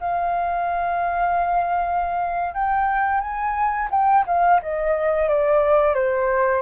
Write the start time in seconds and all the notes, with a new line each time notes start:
0.00 F5
2.54 G5
3.20 G#5
3.90 G5
4.26 F5
4.62 D#5
5.28 D5
5.95 C5